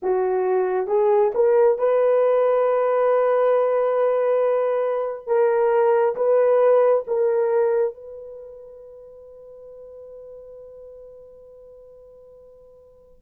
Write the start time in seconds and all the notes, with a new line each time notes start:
0.02 F#4
0.87 G#4
1.34 A#4
1.78 B4
5.27 A#4
6.15 B4
7.07 A#4
7.94 B4